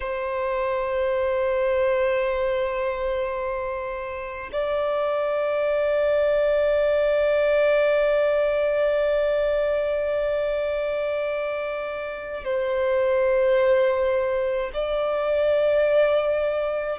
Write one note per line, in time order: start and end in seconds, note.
0.00 4.50 C5
4.52 12.44 D5
12.44 14.71 C5
14.73 16.99 D5